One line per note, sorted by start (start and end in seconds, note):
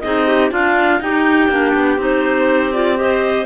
0.00 0.51 C4
0.00 0.51 D#4
0.00 0.27 G#4
0.00 0.49 D#5
0.27 0.51 G4
0.51 1.00 D4
0.51 1.00 F4
0.51 1.01 F5
1.00 1.48 D#4
1.00 1.49 D#4
1.00 3.00 G4
1.00 1.99 G5
1.48 1.73 A#3
1.48 1.98 D4
1.74 1.97 B3
1.97 3.45 C4
1.97 2.72 D#4
1.97 2.73 C5
2.73 2.96 F4
2.73 2.98 D5
2.96 3.45 G4
2.96 3.46 C5
2.96 3.46 D#5